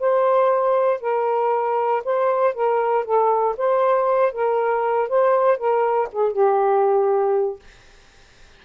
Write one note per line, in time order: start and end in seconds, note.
0.00 1.01 C5
1.01 2.03 A#4
2.05 2.54 C5
2.54 3.05 A#4
3.05 3.56 A4
3.58 4.33 C5
4.33 5.09 A#4
5.09 5.58 C5
5.58 6.09 A#4
6.12 6.33 G#4
6.33 7.60 G4